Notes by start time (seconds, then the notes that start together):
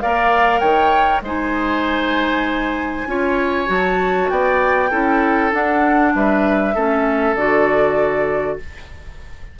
0.00 A#3 A#4 D5 F5
0.59 D#3 C#5 G5
1.21 G#3 D#4 C5 G#5
3.06 C#4 F4 C#5
3.66 F#3 F#4 A5
4.30 B3 D5 G5
4.90 C#4 E4 A4
5.51 D4 F#5
6.14 G3 B4 E5
6.74 A3 C#4 A4
7.35 D3 F#4 D5